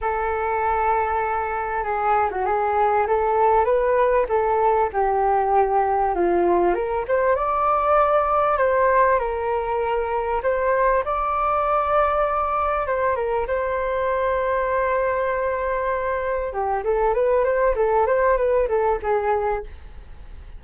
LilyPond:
\new Staff \with { instrumentName = "flute" } { \time 4/4 \tempo 4 = 98 a'2. gis'8. fis'16 | gis'4 a'4 b'4 a'4 | g'2 f'4 ais'8 c''8 | d''2 c''4 ais'4~ |
ais'4 c''4 d''2~ | d''4 c''8 ais'8 c''2~ | c''2. g'8 a'8 | b'8 c''8 a'8 c''8 b'8 a'8 gis'4 | }